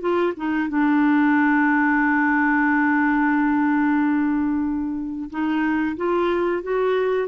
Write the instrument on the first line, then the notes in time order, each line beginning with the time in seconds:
clarinet
0.00 F4
0.36 D#4
0.68 D4
5.30 D#4
5.96 F4
6.62 F#4